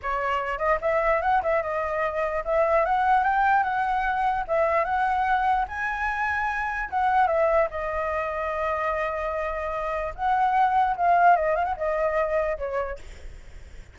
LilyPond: \new Staff \with { instrumentName = "flute" } { \time 4/4 \tempo 4 = 148 cis''4. dis''8 e''4 fis''8 e''8 | dis''2 e''4 fis''4 | g''4 fis''2 e''4 | fis''2 gis''2~ |
gis''4 fis''4 e''4 dis''4~ | dis''1~ | dis''4 fis''2 f''4 | dis''8 f''16 fis''16 dis''2 cis''4 | }